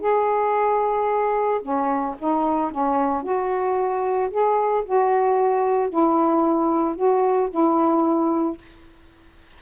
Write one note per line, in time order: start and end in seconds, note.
0.00 1.61 G#4
1.62 2.16 C#4
2.19 2.72 D#4
2.72 3.23 C#4
3.23 4.30 F#4
4.31 4.84 G#4
4.85 5.90 F#4
5.90 6.96 E4
6.96 7.49 F#4
7.50 8.58 E4